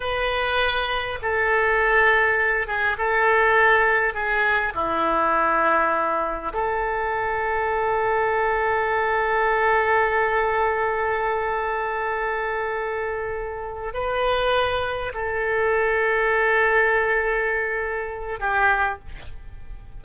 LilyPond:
\new Staff \with { instrumentName = "oboe" } { \time 4/4 \tempo 4 = 101 b'2 a'2~ | a'8 gis'8 a'2 gis'4 | e'2. a'4~ | a'1~ |
a'1~ | a'2.~ a'8 b'8~ | b'4. a'2~ a'8~ | a'2. g'4 | }